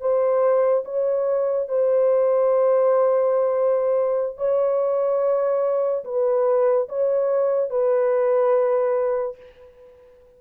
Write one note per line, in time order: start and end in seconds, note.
0.00 0.83 C5
0.84 1.68 C#5
1.68 4.37 C5
4.37 6.03 C#5
6.04 6.87 B4
6.89 7.70 C#5
7.70 9.36 B4